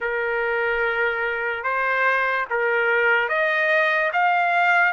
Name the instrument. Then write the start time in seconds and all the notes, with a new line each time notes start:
trumpet
0.00 A#4
1.63 C5
2.50 A#4
3.28 D#5
4.12 F5